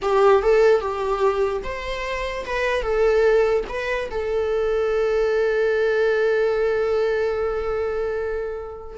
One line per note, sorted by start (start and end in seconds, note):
0.01 0.42 G4
0.42 0.80 A4
0.80 1.62 G4
1.63 2.45 C5
2.45 2.82 B4
2.82 3.63 A4
3.68 4.09 B4
4.11 8.97 A4